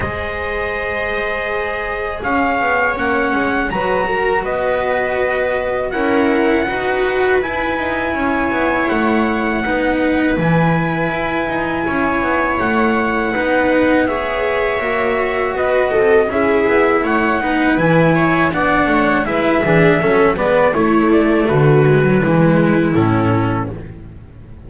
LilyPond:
<<
  \new Staff \with { instrumentName = "trumpet" } { \time 4/4 \tempo 4 = 81 dis''2. f''4 | fis''4 ais''4 dis''2 | fis''2 gis''2 | fis''2 gis''2~ |
gis''4 fis''2 e''4~ | e''4 dis''4 e''4 fis''4 | gis''4 fis''4 e''4. d''8 | cis''8 d''8 b'2 a'4 | }
  \new Staff \with { instrumentName = "viola" } { \time 4/4 c''2. cis''4~ | cis''4 b'8 ais'8 b'2 | ais'4 b'2 cis''4~ | cis''4 b'2. |
cis''2 b'4 cis''4~ | cis''4 b'8 a'8 gis'4 cis''8 b'8~ | b'8 cis''8 d''8 cis''8 b'8 gis'8 a'8 b'8 | e'4 fis'4 e'2 | }
  \new Staff \with { instrumentName = "cello" } { \time 4/4 gis'1 | cis'4 fis'2. | e'4 fis'4 e'2~ | e'4 dis'4 e'2~ |
e'2 dis'4 gis'4 | fis'2 e'4. dis'8 | e'4 d'4 e'8 d'8 cis'8 b8 | a4. gis16 fis16 gis4 cis'4 | }
  \new Staff \with { instrumentName = "double bass" } { \time 4/4 gis2. cis'8 b8 | ais8 gis8 fis4 b2 | cis'4 dis'4 e'8 dis'8 cis'8 b8 | a4 b4 e4 e'8 dis'8 |
cis'8 b8 a4 b2 | ais4 b8 c'8 cis'8 b8 a8 b8 | e4 b8 a8 gis8 e8 fis8 gis8 | a4 d4 e4 a,4 | }
>>